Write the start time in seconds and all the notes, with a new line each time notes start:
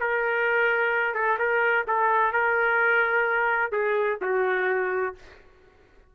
0.00 A#4
1.14 A4
1.39 A#4
1.87 A4
2.32 A#4
3.72 G#4
4.21 F#4